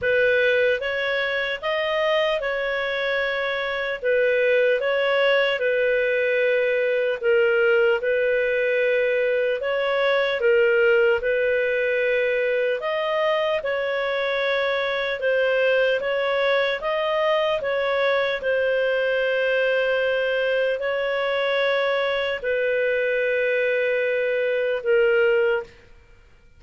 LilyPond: \new Staff \with { instrumentName = "clarinet" } { \time 4/4 \tempo 4 = 75 b'4 cis''4 dis''4 cis''4~ | cis''4 b'4 cis''4 b'4~ | b'4 ais'4 b'2 | cis''4 ais'4 b'2 |
dis''4 cis''2 c''4 | cis''4 dis''4 cis''4 c''4~ | c''2 cis''2 | b'2. ais'4 | }